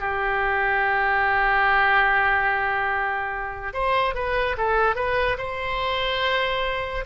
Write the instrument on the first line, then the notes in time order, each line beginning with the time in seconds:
oboe
0.00 G4
3.73 C5
4.15 B4
4.57 A4
4.95 B4
5.38 C5